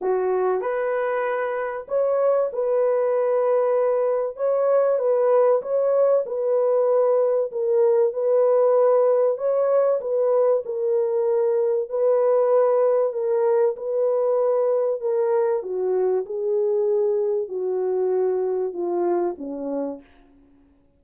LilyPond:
\new Staff \with { instrumentName = "horn" } { \time 4/4 \tempo 4 = 96 fis'4 b'2 cis''4 | b'2. cis''4 | b'4 cis''4 b'2 | ais'4 b'2 cis''4 |
b'4 ais'2 b'4~ | b'4 ais'4 b'2 | ais'4 fis'4 gis'2 | fis'2 f'4 cis'4 | }